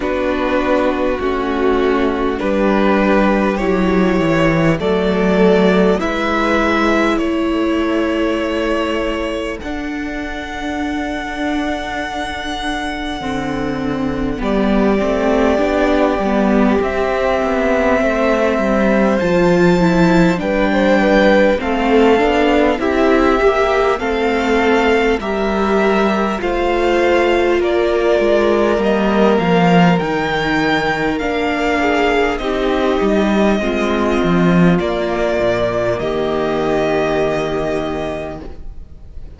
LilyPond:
<<
  \new Staff \with { instrumentName = "violin" } { \time 4/4 \tempo 4 = 50 b'4 fis'4 b'4 cis''4 | d''4 e''4 cis''2 | fis''1 | d''2 e''2 |
a''4 g''4 f''4 e''4 | f''4 e''4 f''4 d''4 | dis''8 f''8 g''4 f''4 dis''4~ | dis''4 d''4 dis''2 | }
  \new Staff \with { instrumentName = "violin" } { \time 4/4 fis'2 g'2 | a'4 b'4 a'2~ | a'1 | g'2. c''4~ |
c''4 b'16 c''16 b'8 a'4 g'4 | a'4 ais'4 c''4 ais'4~ | ais'2~ ais'8 gis'8 g'4 | f'2 g'2 | }
  \new Staff \with { instrumentName = "viola" } { \time 4/4 d'4 cis'4 d'4 e'4 | a4 e'2. | d'2. c'4 | b8 c'8 d'8 b8 c'2 |
f'8 e'8 d'4 c'8 d'8 e'8 g'8 | c'4 g'4 f'2 | ais4 dis'4 d'4 dis'4 | c'4 ais2. | }
  \new Staff \with { instrumentName = "cello" } { \time 4/4 b4 a4 g4 fis8 e8 | fis4 gis4 a2 | d'2. d4 | g8 a8 b8 g8 c'8 b8 a8 g8 |
f4 g4 a8 b8 c'8 ais8 | a4 g4 a4 ais8 gis8 | g8 f8 dis4 ais4 c'8 g8 | gis8 f8 ais8 ais,8 dis2 | }
>>